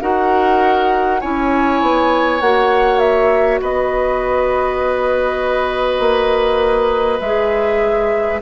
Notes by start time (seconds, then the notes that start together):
0.00 D#4 F#4 A#4 F#5
1.20 C#4 E4 C#5 G#5
1.81 B3
2.40 A#3 F#4 F#5
2.99 E5
3.60 B3 B4 D#5
5.99 A#3
7.20 G#3 G#4 E5